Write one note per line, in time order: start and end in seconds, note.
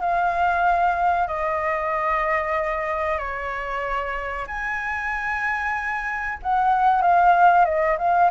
0.00 1.28 F5
1.28 3.19 D#5
3.19 4.46 C#5
4.47 6.38 G#5
6.43 7.02 F#5
7.02 7.65 F5
7.65 7.97 D#5
7.98 8.30 F5